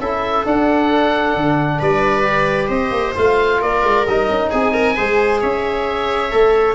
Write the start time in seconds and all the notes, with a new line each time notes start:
0.00 C#4 E4 A4 E5
0.45 D4 F#5
1.36 D3
1.80 G3 B4 D5
2.24 G4
2.68 C4 C5 D#5
2.92 A#3
3.15 A3 F4 F5
3.60 A#3 A#4 D5
3.84 G#3
4.07 G3 D#4 D#5
4.29 C#4
4.50 C4 G#4 G#5
4.74 A#4
4.96 G#3 G#4 C5
5.41 C#4 C#5 E5
6.31 A3 A4